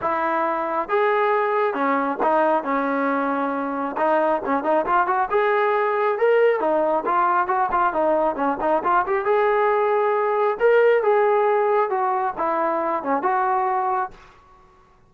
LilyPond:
\new Staff \with { instrumentName = "trombone" } { \time 4/4 \tempo 4 = 136 e'2 gis'2 | cis'4 dis'4 cis'2~ | cis'4 dis'4 cis'8 dis'8 f'8 fis'8 | gis'2 ais'4 dis'4 |
f'4 fis'8 f'8 dis'4 cis'8 dis'8 | f'8 g'8 gis'2. | ais'4 gis'2 fis'4 | e'4. cis'8 fis'2 | }